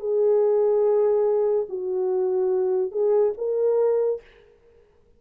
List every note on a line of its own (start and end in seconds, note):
0.00 1.67 G#4
1.69 2.92 F#4
2.92 3.33 G#4
3.38 4.21 A#4